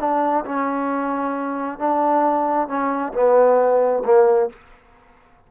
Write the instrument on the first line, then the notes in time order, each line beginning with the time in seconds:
trombone
0.00 D4
0.46 C#4
1.80 D4
2.69 C#4
3.14 B3
4.05 A#3